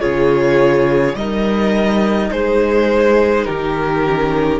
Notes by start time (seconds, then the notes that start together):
0.00 C#3 F4 G#4 C#5
1.15 G3 D#4 A#4 D#5
2.31 G#3 G#4 C5
3.45 D#3 G4 A#4
4.05 C#4